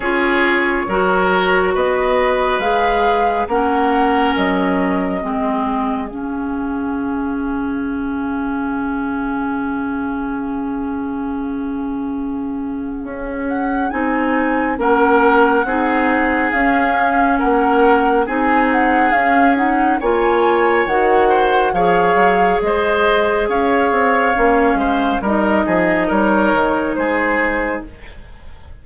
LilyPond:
<<
  \new Staff \with { instrumentName = "flute" } { \time 4/4 \tempo 4 = 69 cis''2 dis''4 f''4 | fis''4 dis''2 f''4~ | f''1~ | f''2.~ f''8 fis''8 |
gis''4 fis''2 f''4 | fis''4 gis''8 fis''8 f''8 fis''8 gis''4 | fis''4 f''4 dis''4 f''4~ | f''4 dis''4 cis''4 c''4 | }
  \new Staff \with { instrumentName = "oboe" } { \time 4/4 gis'4 ais'4 b'2 | ais'2 gis'2~ | gis'1~ | gis'1~ |
gis'4 ais'4 gis'2 | ais'4 gis'2 cis''4~ | cis''8 c''8 cis''4 c''4 cis''4~ | cis''8 c''8 ais'8 gis'8 ais'4 gis'4 | }
  \new Staff \with { instrumentName = "clarinet" } { \time 4/4 f'4 fis'2 gis'4 | cis'2 c'4 cis'4~ | cis'1~ | cis'1 |
dis'4 cis'4 dis'4 cis'4~ | cis'4 dis'4 cis'8 dis'8 f'4 | fis'4 gis'2. | cis'4 dis'2. | }
  \new Staff \with { instrumentName = "bassoon" } { \time 4/4 cis'4 fis4 b4 gis4 | ais4 fis4 gis4 cis4~ | cis1~ | cis2. cis'4 |
c'4 ais4 c'4 cis'4 | ais4 c'4 cis'4 ais4 | dis4 f8 fis8 gis4 cis'8 c'8 | ais8 gis8 g8 f8 g8 dis8 gis4 | }
>>